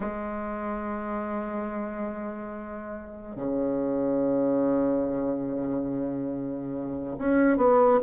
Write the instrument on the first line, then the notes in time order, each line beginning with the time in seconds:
bassoon
0.00 G#3
3.36 C#3
7.18 C#4
7.57 B3